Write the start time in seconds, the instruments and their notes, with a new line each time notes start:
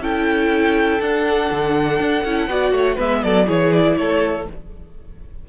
0.00 cello C#4, viola E4, violin A4 G5
1.00 viola D4, cello D4, violin F#5
1.52 cello D3
2.00 cello D4
2.25 cello C#4, viola E4
2.48 cello B3, viola F#4, violin D5
2.72 cello A3, violin C#5
2.96 cello G#3, viola B3, violin B4 E5
3.24 cello F#3, violin A4 D5
3.47 cello E3, viola E4, violin G#4 C#5
3.73 violin D5
3.97 cello A3, violin A4 C#5